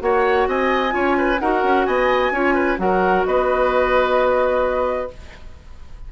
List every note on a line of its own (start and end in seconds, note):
0.00 0.47 A#3
0.00 0.90 F#4
0.00 0.49 C#5
0.00 0.48 F#5
0.47 0.94 C4
0.47 0.94 D#5
0.47 1.40 G#5
0.90 1.40 C#4
0.90 1.36 F4
0.90 1.17 C#5
1.18 1.41 B4
1.40 1.63 D#4
1.40 2.34 F#4
1.40 1.87 A#4
1.40 1.86 F#5
1.63 1.86 C#4
1.86 2.31 B3
1.86 2.33 D#5
1.86 2.78 G#5
2.31 2.77 C#4
2.31 2.78 F4
2.31 2.54 C#5
2.54 2.77 B4
2.78 3.25 F#3
2.78 5.08 F#4
2.78 3.27 A#4
2.78 3.25 F#5
3.26 5.11 B3
3.26 5.12 B4
3.26 5.10 D#5